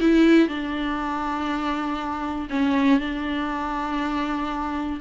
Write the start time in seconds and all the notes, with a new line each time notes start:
0.00 E4
0.48 D4
2.50 C#4
3.00 D4